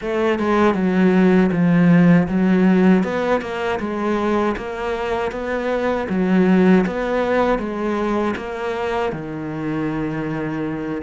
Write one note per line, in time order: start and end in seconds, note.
0.01 0.39 A3
0.39 0.74 G#3
0.74 1.50 F#3
1.52 2.28 F3
2.28 3.03 F#3
3.03 3.41 B3
3.41 3.79 A#3
3.79 4.55 G#3
4.56 5.31 A#3
5.31 6.07 B3
6.09 6.85 F#3
6.86 7.58 B3
7.58 8.34 G#3
8.36 9.12 A#3
9.12 11.02 D#3